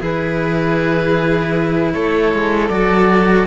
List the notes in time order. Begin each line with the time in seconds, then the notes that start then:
0.00 E3 E4 G#4 B4
1.93 A3 A4 C#5
2.34 G#3
2.69 F#3 F#4 D5